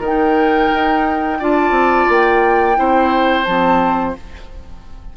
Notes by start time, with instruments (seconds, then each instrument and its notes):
0.00 bassoon D#3, clarinet D#4, oboe A#4, flute G5
0.74 bassoon D#4
1.40 bassoon D4, clarinet F4, oboe D5, flute A5
1.71 bassoon C4
2.09 bassoon A#3, flute G5
2.75 bassoon C4, clarinet E4, oboe C5
3.44 bassoon F3, clarinet C4, flute A5